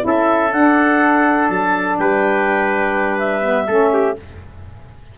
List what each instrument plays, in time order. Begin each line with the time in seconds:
0.00 tuba C#4, saxophone E4, clarinet E5
0.07 trumpet A4
0.52 tuba D4, saxophone D4, clarinet F#5
1.48 tuba F#3, clarinet A5
1.98 tuba G3, trumpet B4, clarinet G5
3.18 clarinet E5
3.41 saxophone B3
3.67 tuba A3, saxophone C#4, trumpet A4
3.93 trumpet G4